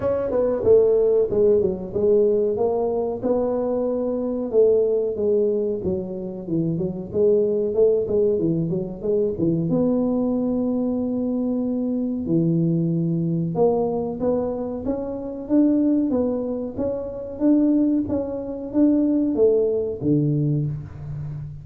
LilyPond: \new Staff \with { instrumentName = "tuba" } { \time 4/4 \tempo 4 = 93 cis'8 b8 a4 gis8 fis8 gis4 | ais4 b2 a4 | gis4 fis4 e8 fis8 gis4 | a8 gis8 e8 fis8 gis8 e8 b4~ |
b2. e4~ | e4 ais4 b4 cis'4 | d'4 b4 cis'4 d'4 | cis'4 d'4 a4 d4 | }